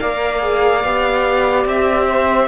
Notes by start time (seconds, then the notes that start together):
0.00 A#3 A#4 D5 F5
0.40 G#4
0.85 B3 G4
1.65 C4 E5
2.07 C5